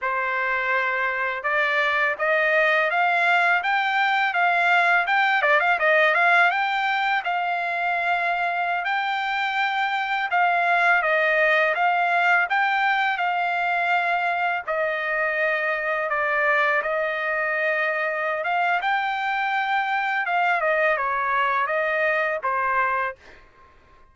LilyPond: \new Staff \with { instrumentName = "trumpet" } { \time 4/4 \tempo 4 = 83 c''2 d''4 dis''4 | f''4 g''4 f''4 g''8 d''16 f''16 | dis''8 f''8 g''4 f''2~ | f''16 g''2 f''4 dis''8.~ |
dis''16 f''4 g''4 f''4.~ f''16~ | f''16 dis''2 d''4 dis''8.~ | dis''4. f''8 g''2 | f''8 dis''8 cis''4 dis''4 c''4 | }